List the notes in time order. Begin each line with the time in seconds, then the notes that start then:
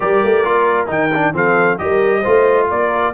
0.00 G3 G4 A#4 D5
0.23 A3
0.44 A#3 F4
0.86 D#3 D#4 G5
1.14 D4
1.33 F3 C4 A4 F5
1.78 G3 G4 A#4 D#5
2.20 A3 F4 C5
2.70 A#3 A#4 D5